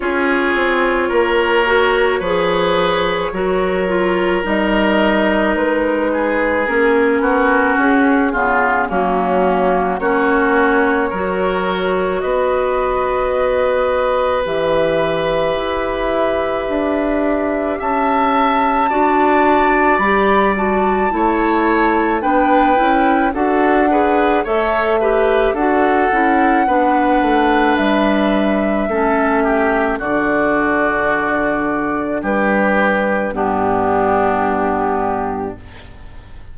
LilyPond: <<
  \new Staff \with { instrumentName = "flute" } { \time 4/4 \tempo 4 = 54 cis''1 | dis''4 b'4 ais'4 gis'4 | fis'4 cis''2 dis''4~ | dis''4 e''2. |
a''2 b''8 a''4. | g''4 fis''4 e''4 fis''4~ | fis''4 e''2 d''4~ | d''4 b'4 g'2 | }
  \new Staff \with { instrumentName = "oboe" } { \time 4/4 gis'4 ais'4 b'4 ais'4~ | ais'4. gis'4 fis'4 f'8 | cis'4 fis'4 ais'4 b'4~ | b'1 |
e''4 d''2 cis''4 | b'4 a'8 b'8 cis''8 b'8 a'4 | b'2 a'8 g'8 fis'4~ | fis'4 g'4 d'2 | }
  \new Staff \with { instrumentName = "clarinet" } { \time 4/4 f'4. fis'8 gis'4 fis'8 f'8 | dis'2 cis'4. b8 | ais4 cis'4 fis'2~ | fis'4 g'2.~ |
g'4 fis'4 g'8 fis'8 e'4 | d'8 e'8 fis'8 gis'8 a'8 g'8 fis'8 e'8 | d'2 cis'4 d'4~ | d'2 b2 | }
  \new Staff \with { instrumentName = "bassoon" } { \time 4/4 cis'8 c'8 ais4 f4 fis4 | g4 gis4 ais8 b8 cis'8 cis8 | fis4 ais4 fis4 b4~ | b4 e4 e'4 d'4 |
cis'4 d'4 g4 a4 | b8 cis'8 d'4 a4 d'8 cis'8 | b8 a8 g4 a4 d4~ | d4 g4 g,2 | }
>>